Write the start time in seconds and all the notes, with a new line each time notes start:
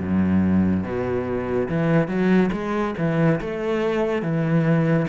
0.00 F#2
0.84 B2
1.69 E3
2.08 F#3
2.53 G#3
2.98 E3
3.41 A3
4.23 E3